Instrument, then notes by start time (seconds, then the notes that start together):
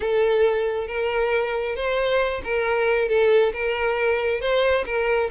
violin
0.00 A4
0.87 A#4
1.75 C5
2.44 A#4
3.08 A4
3.53 A#4
4.40 C5
4.86 A#4